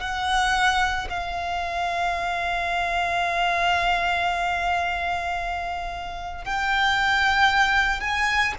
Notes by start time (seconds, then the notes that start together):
0.00 F#5
1.10 F5
6.44 G5
8.00 G#5